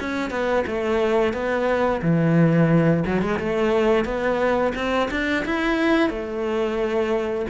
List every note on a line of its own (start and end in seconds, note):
0.00 0.31 C#4
0.31 0.65 B3
0.67 1.33 A3
1.33 2.01 B3
2.02 3.04 E3
3.06 3.22 F#3
3.22 3.39 G#3
3.39 4.05 A3
4.05 4.73 B3
4.75 5.10 C4
5.11 5.45 D4
5.45 6.10 E4
6.10 7.46 A3